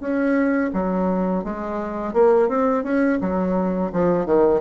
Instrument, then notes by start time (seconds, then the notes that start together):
bassoon
0.00 C#4
0.74 F#3
1.44 G#3
2.13 A#3
2.49 C4
2.84 C#4
3.21 F#3
3.93 F3
4.26 D#3